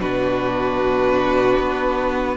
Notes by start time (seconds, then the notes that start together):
0.00 B2 D4 F#4 B4
1.59 B3